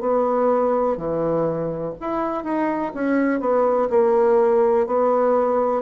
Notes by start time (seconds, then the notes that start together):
0.00 B3
0.97 E3
2.01 E4
2.44 D#4
2.94 C#4
3.40 B3
3.89 A#3
4.87 B3